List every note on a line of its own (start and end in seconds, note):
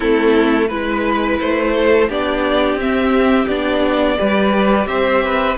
0.00 0.70 A3
0.00 0.67 C4
0.00 0.67 E4
0.00 0.68 A4
0.67 1.40 G#3
0.67 2.09 E4
0.67 1.72 B4
0.67 1.38 B4
1.40 2.09 A3
1.40 2.10 C5
1.76 2.08 A4
2.08 2.75 B3
2.08 2.79 D4
2.08 4.17 G4
2.08 2.80 D5
2.75 3.45 C4
2.75 3.49 C4
2.75 3.47 E5
3.47 4.18 B3
3.47 4.17 D4
3.47 4.87 D5
4.17 4.86 G3
4.17 5.57 G4
4.17 4.88 B4
4.86 5.56 C4
4.86 5.23 C5
4.86 5.56 E5
5.23 5.57 B4